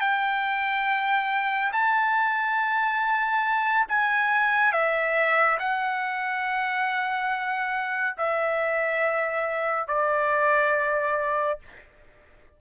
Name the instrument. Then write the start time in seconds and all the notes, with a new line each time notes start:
trumpet
0.00 G5
1.72 A5
3.88 G#5
4.72 E5
5.59 F#5
8.17 E5
9.88 D5